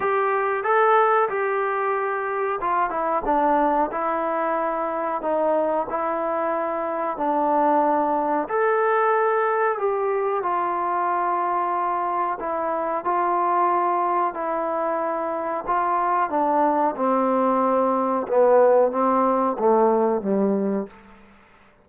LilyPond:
\new Staff \with { instrumentName = "trombone" } { \time 4/4 \tempo 4 = 92 g'4 a'4 g'2 | f'8 e'8 d'4 e'2 | dis'4 e'2 d'4~ | d'4 a'2 g'4 |
f'2. e'4 | f'2 e'2 | f'4 d'4 c'2 | b4 c'4 a4 g4 | }